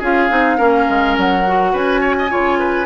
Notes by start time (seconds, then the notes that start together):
0.00 C#4 F4 G#4 F5
0.30 C4 D#4
0.58 A#3 C#4 A#4
0.90 G#3
1.18 F#3 F#5
1.47 F#4
1.73 C#4 B4 G#5
2.01 C#5
2.19 D#5
2.29 C#3 F4 C#5
2.59 B4